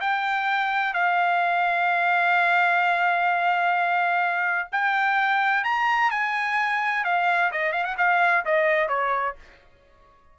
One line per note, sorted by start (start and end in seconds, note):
0.00 0.93 G5
0.93 4.68 F5
4.72 5.64 G5
5.64 6.10 A#5
6.11 7.04 G#5
7.04 7.51 F5
7.51 7.72 D#5
7.72 7.84 F5
7.84 7.95 F#5
7.98 8.44 F5
8.45 8.88 D#5
8.88 9.35 C#5